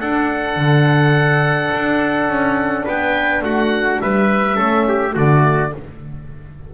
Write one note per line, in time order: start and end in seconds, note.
0.00 0.56 D4
0.00 4.53 D4
0.00 2.85 A4
0.00 2.86 F#5
0.56 1.70 D3
1.73 2.27 D4
2.27 2.85 C#4
2.85 3.41 B3
2.85 3.42 B4
2.85 3.43 G5
3.41 3.98 A3
3.41 4.01 F#4
3.41 4.01 F#5
4.01 4.59 G3
4.01 4.55 B4
4.01 5.15 E5
4.53 5.16 A3
4.53 5.11 C#4
4.53 4.84 A4
4.88 5.14 G4
5.14 5.73 D3
5.14 5.73 A3
5.14 5.71 F#4
5.14 5.73 D5